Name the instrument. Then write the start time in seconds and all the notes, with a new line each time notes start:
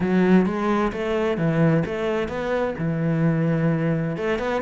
cello
0.00 F#3
0.46 G#3
0.92 A3
1.37 E3
1.85 A3
2.28 B3
2.78 E3
4.16 A3
4.38 B3